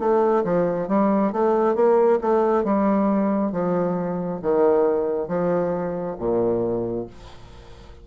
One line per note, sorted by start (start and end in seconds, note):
0.00 0.44 A3
0.45 0.89 F3
0.89 1.33 G3
1.33 1.76 A3
1.76 2.20 A#3
2.22 2.64 A3
2.64 3.53 G3
3.53 4.41 F3
4.42 5.28 D#3
5.28 6.16 F3
6.19 7.07 A#2